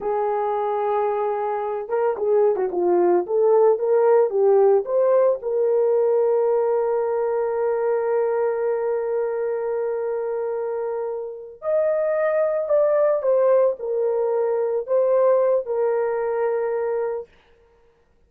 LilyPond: \new Staff \with { instrumentName = "horn" } { \time 4/4 \tempo 4 = 111 gis'2.~ gis'8 ais'8 | gis'8. fis'16 f'4 a'4 ais'4 | g'4 c''4 ais'2~ | ais'1~ |
ais'1~ | ais'4. dis''2 d''8~ | d''8 c''4 ais'2 c''8~ | c''4 ais'2. | }